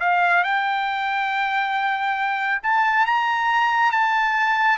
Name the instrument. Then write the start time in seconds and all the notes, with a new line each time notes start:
trumpet
0.00 F5
0.43 G5
2.63 A5
3.06 A#5
3.91 A5